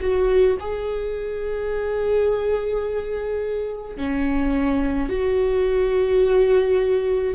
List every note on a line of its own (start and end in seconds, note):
0.00 0.57 F#4
0.59 3.97 G#4
3.97 5.09 C#4
5.09 7.35 F#4